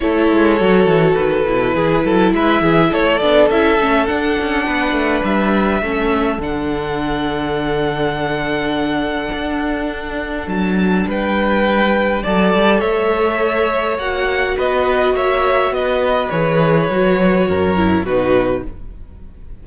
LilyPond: <<
  \new Staff \with { instrumentName = "violin" } { \time 4/4 \tempo 4 = 103 cis''2 b'2 | e''4 cis''8 d''8 e''4 fis''4~ | fis''4 e''2 fis''4~ | fis''1~ |
fis''2 a''4 g''4~ | g''4 a''4 e''2 | fis''4 dis''4 e''4 dis''4 | cis''2. b'4 | }
  \new Staff \with { instrumentName = "violin" } { \time 4/4 a'2. gis'8 a'8 | b'8 gis'8 a'2. | b'2 a'2~ | a'1~ |
a'2. b'4~ | b'4 d''4 cis''2~ | cis''4 b'4 cis''4 b'4~ | b'2 ais'4 fis'4 | }
  \new Staff \with { instrumentName = "viola" } { \time 4/4 e'4 fis'4. e'4.~ | e'4. d'8 e'8 cis'8 d'4~ | d'2 cis'4 d'4~ | d'1~ |
d'1~ | d'4 a'2. | fis'1 | gis'4 fis'4. e'8 dis'4 | }
  \new Staff \with { instrumentName = "cello" } { \time 4/4 a8 gis8 fis8 e8 dis8 b,8 e8 fis8 | gis8 e8 a8 b8 cis'8 a8 d'8 cis'8 | b8 a8 g4 a4 d4~ | d1 |
d'2 fis4 g4~ | g4 fis8 g8 a2 | ais4 b4 ais4 b4 | e4 fis4 fis,4 b,4 | }
>>